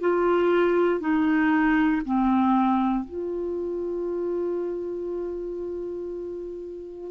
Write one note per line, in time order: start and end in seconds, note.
0.00 1.00 F4
1.00 2.02 D#4
2.05 3.05 C4
3.05 7.11 F4